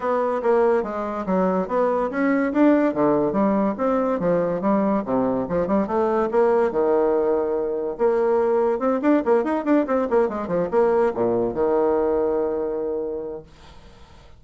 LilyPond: \new Staff \with { instrumentName = "bassoon" } { \time 4/4 \tempo 4 = 143 b4 ais4 gis4 fis4 | b4 cis'4 d'4 d4 | g4 c'4 f4 g4 | c4 f8 g8 a4 ais4 |
dis2. ais4~ | ais4 c'8 d'8 ais8 dis'8 d'8 c'8 | ais8 gis8 f8 ais4 ais,4 dis8~ | dis1 | }